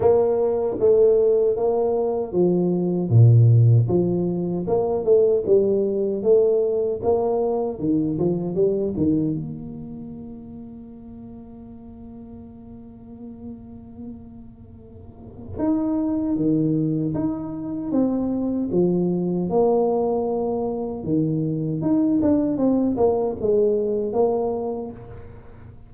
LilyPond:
\new Staff \with { instrumentName = "tuba" } { \time 4/4 \tempo 4 = 77 ais4 a4 ais4 f4 | ais,4 f4 ais8 a8 g4 | a4 ais4 dis8 f8 g8 dis8 | ais1~ |
ais1 | dis'4 dis4 dis'4 c'4 | f4 ais2 dis4 | dis'8 d'8 c'8 ais8 gis4 ais4 | }